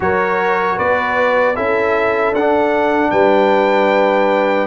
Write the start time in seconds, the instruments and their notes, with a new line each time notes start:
0.00 tuba F#3, trombone F#4, horn A#4, trumpet C#5
0.76 tuba B3, horn B4, trumpet D5
1.55 tuba C#4, trombone E4, horn A4, trumpet E5
2.31 tuba D4, trumpet F#5
2.37 trombone D4
3.11 tuba G3, horn B4, trumpet G5